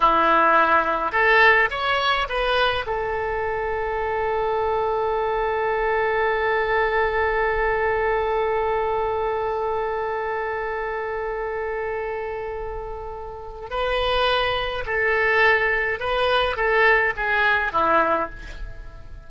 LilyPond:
\new Staff \with { instrumentName = "oboe" } { \time 4/4 \tempo 4 = 105 e'2 a'4 cis''4 | b'4 a'2.~ | a'1~ | a'1~ |
a'1~ | a'1 | b'2 a'2 | b'4 a'4 gis'4 e'4 | }